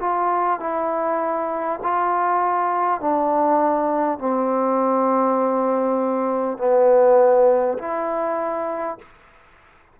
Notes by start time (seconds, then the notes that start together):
0.00 F4
0.60 E4
1.83 F4
3.01 D4
4.18 C4
6.58 B3
7.78 E4